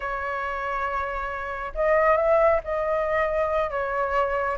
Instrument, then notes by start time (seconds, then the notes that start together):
flute
0.00 C#5
1.74 D#5
2.16 E5
2.64 D#5
3.70 C#5